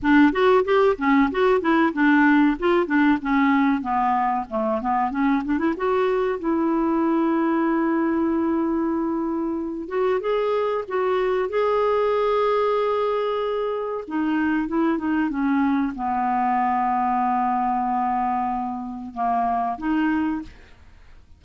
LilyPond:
\new Staff \with { instrumentName = "clarinet" } { \time 4/4 \tempo 4 = 94 d'8 fis'8 g'8 cis'8 fis'8 e'8 d'4 | f'8 d'8 cis'4 b4 a8 b8 | cis'8 d'16 e'16 fis'4 e'2~ | e'2.~ e'8 fis'8 |
gis'4 fis'4 gis'2~ | gis'2 dis'4 e'8 dis'8 | cis'4 b2.~ | b2 ais4 dis'4 | }